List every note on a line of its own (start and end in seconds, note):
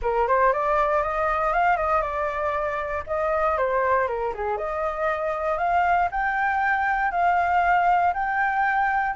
0.02 0.27 A#4
0.27 0.52 C5
0.52 1.02 D5
1.02 1.53 D#5
1.53 1.76 F5
1.76 2.01 D#5
2.01 3.03 D5
3.06 3.57 D#5
3.57 4.07 C5
4.07 4.33 A#4
4.34 4.57 G#4
4.57 5.58 D#5
5.58 6.09 F5
6.11 7.11 G5
7.11 8.13 F5
8.13 9.15 G5